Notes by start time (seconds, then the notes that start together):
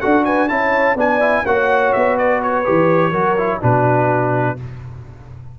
0.00 D4 F#4 A4 F#5
0.24 B4 G#5
0.48 C#4 E4 C#5 A5
0.95 B3 D4 D5 G#5
1.20 E4
1.45 A#3 F#4 C#5 F#5
1.92 B3 E5
2.18 B4 D5
2.42 C#5
2.64 E3 G4
3.10 F#3 F#4 A#4
3.38 E4
3.60 B2 D4 F#4 B4